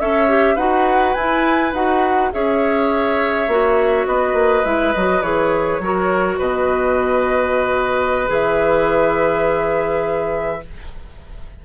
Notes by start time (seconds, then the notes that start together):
0.00 C#4 A4 C#5 E5
0.29 G4
0.55 D#4 F#4 B4 F#5
1.14 E4 G#5
1.73 D#4 F#4 F#5
2.32 C#4 G#4 C#5 E5
3.48 A#3 F#4
4.07 B3 B4 D#5
4.34 A#3
4.65 G#3 E4 E5
4.94 F#3 F#4 D#5
5.22 E3 G#4 C#5
5.79 F#3 F#4 A#4
6.38 B2 B4 D#5
8.27 E3 G#4 E5